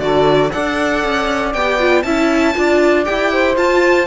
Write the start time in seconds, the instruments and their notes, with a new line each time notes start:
0.00 cello D3, viola F#4, saxophone A4, violin D5
0.51 cello D4, viola A4, saxophone D5, violin F#5
1.04 cello C#4
1.54 cello B3, viola G4, violin G5
1.80 viola F4
2.03 cello C#4, viola E4, saxophone E5, violin A5
2.55 cello D4, viola F4, saxophone D5
3.05 cello E4, viola G4, violin G5
3.32 saxophone C5
3.57 cello F4, viola F4, violin A5